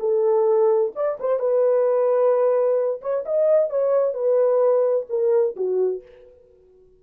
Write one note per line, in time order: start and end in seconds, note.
0.00 0.92 A4
0.95 1.19 D5
1.20 1.40 C5
1.40 3.01 B4
3.02 3.25 C#5
3.26 3.70 D#5
3.70 4.14 C#5
4.14 5.06 B4
5.10 5.56 A#4
5.57 6.03 F#4